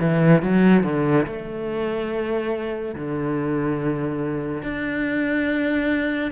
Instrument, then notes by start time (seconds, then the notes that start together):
cello
0.00 E3
0.43 F#3
0.84 D3
1.26 A3
2.95 D3
4.62 D4